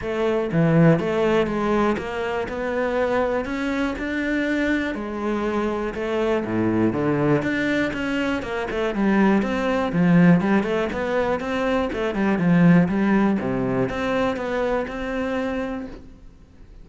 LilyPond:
\new Staff \with { instrumentName = "cello" } { \time 4/4 \tempo 4 = 121 a4 e4 a4 gis4 | ais4 b2 cis'4 | d'2 gis2 | a4 a,4 d4 d'4 |
cis'4 ais8 a8 g4 c'4 | f4 g8 a8 b4 c'4 | a8 g8 f4 g4 c4 | c'4 b4 c'2 | }